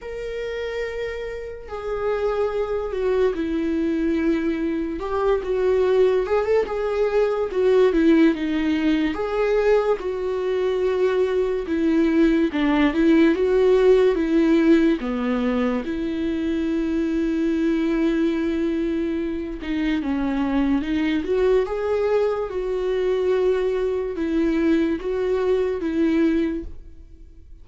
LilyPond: \new Staff \with { instrumentName = "viola" } { \time 4/4 \tempo 4 = 72 ais'2 gis'4. fis'8 | e'2 g'8 fis'4 gis'16 a'16 | gis'4 fis'8 e'8 dis'4 gis'4 | fis'2 e'4 d'8 e'8 |
fis'4 e'4 b4 e'4~ | e'2.~ e'8 dis'8 | cis'4 dis'8 fis'8 gis'4 fis'4~ | fis'4 e'4 fis'4 e'4 | }